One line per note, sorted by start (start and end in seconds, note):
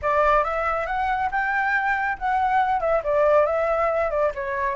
0.02 0.43 D5
0.43 0.86 E5
0.86 1.29 F#5
1.31 2.17 G5
2.18 2.80 F#5
2.80 3.02 E5
3.03 3.46 D5
3.46 4.10 E5
4.10 4.32 D5
4.35 4.75 C#5